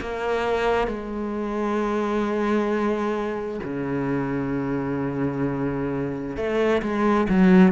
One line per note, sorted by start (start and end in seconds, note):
0.00 0.87 A#3
0.87 3.60 G#3
3.63 6.36 C#3
6.36 6.81 A3
6.82 7.27 G#3
7.29 7.71 F#3